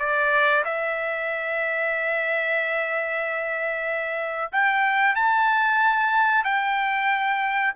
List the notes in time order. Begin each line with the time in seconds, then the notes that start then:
0.00 D5
0.65 E5
4.52 G5
5.16 A5
6.45 G5